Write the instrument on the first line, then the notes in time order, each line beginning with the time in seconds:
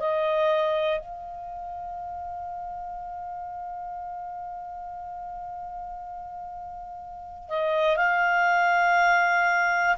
clarinet
0.00 D#5
1.00 F5
7.49 D#5
7.97 F5